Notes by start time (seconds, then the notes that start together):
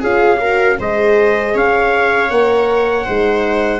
0.00 C#4 F4 G#4 F5
0.41 F#4 A#4
0.78 G#3 G#4 C5 D#5
1.55 C#4 C#5 F5
2.30 A#3 A#4 F#5
3.04 G#3 D#4 C5